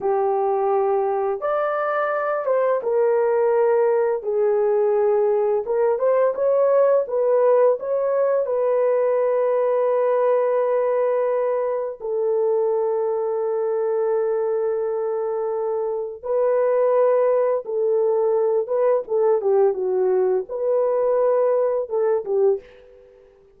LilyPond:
\new Staff \with { instrumentName = "horn" } { \time 4/4 \tempo 4 = 85 g'2 d''4. c''8 | ais'2 gis'2 | ais'8 c''8 cis''4 b'4 cis''4 | b'1~ |
b'4 a'2.~ | a'2. b'4~ | b'4 a'4. b'8 a'8 g'8 | fis'4 b'2 a'8 g'8 | }